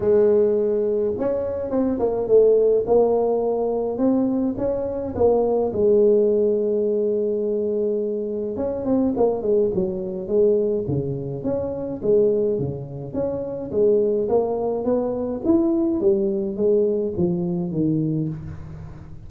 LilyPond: \new Staff \with { instrumentName = "tuba" } { \time 4/4 \tempo 4 = 105 gis2 cis'4 c'8 ais8 | a4 ais2 c'4 | cis'4 ais4 gis2~ | gis2. cis'8 c'8 |
ais8 gis8 fis4 gis4 cis4 | cis'4 gis4 cis4 cis'4 | gis4 ais4 b4 e'4 | g4 gis4 f4 dis4 | }